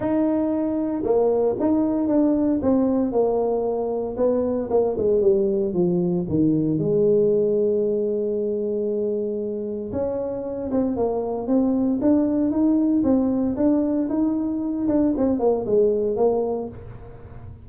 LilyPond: \new Staff \with { instrumentName = "tuba" } { \time 4/4 \tempo 4 = 115 dis'2 ais4 dis'4 | d'4 c'4 ais2 | b4 ais8 gis8 g4 f4 | dis4 gis2.~ |
gis2. cis'4~ | cis'8 c'8 ais4 c'4 d'4 | dis'4 c'4 d'4 dis'4~ | dis'8 d'8 c'8 ais8 gis4 ais4 | }